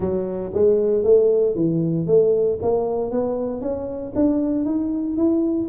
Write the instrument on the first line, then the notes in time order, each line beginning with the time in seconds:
tuba
0.00 F#3
0.54 G#3
1.03 A3
1.55 E3
2.07 A3
2.62 A#3
3.11 B3
3.61 C#4
4.15 D4
4.65 D#4
5.16 E4